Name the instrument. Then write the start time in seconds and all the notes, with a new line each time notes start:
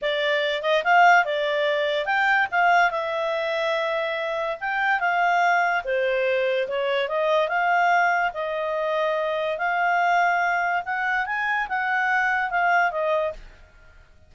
clarinet
0.01 D5
0.62 D#5
0.84 F5
1.25 D5
2.05 G5
2.51 F5
2.90 E5
4.60 G5
4.99 F5
5.84 C5
6.68 C#5
7.08 D#5
7.48 F5
8.33 D#5
9.57 F5
10.85 F#5
11.26 G#5
11.69 F#5
12.50 F5
12.91 D#5